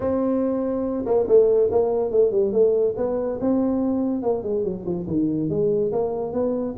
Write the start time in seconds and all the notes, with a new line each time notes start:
0.00 C4
1.05 A#3
1.27 A3
1.71 A#3
2.11 A3
2.31 G3
2.52 A3
2.96 B3
3.41 C4
4.22 A#3
4.43 G#3
4.63 F#3
4.85 F3
5.07 D#3
5.49 G#3
5.92 A#3
6.32 B3